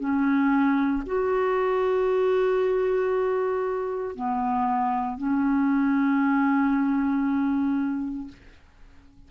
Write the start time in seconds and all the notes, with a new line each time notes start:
0.00 C#4
1.06 F#4
4.16 B3
5.18 C#4